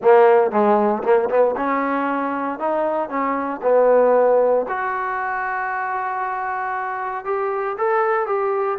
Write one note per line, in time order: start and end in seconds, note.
0.02 0.51 A#3
0.51 1.03 G#3
1.03 1.29 A#3
1.29 1.55 B3
1.56 2.59 C#4
2.59 3.09 D#4
3.09 3.60 C#4
3.62 4.66 B3
4.68 7.25 F#4
7.25 7.76 G4
7.77 8.26 A4
8.26 8.78 G4